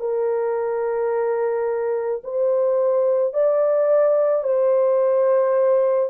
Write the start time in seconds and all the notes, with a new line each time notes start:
0.00 A#4
2.24 C5
3.34 D5
4.44 C5